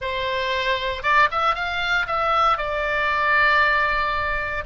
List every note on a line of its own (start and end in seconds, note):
0.01 1.02 C5
1.02 1.28 D5
1.31 1.54 E5
1.54 2.06 F5
2.07 2.57 E5
2.57 4.64 D5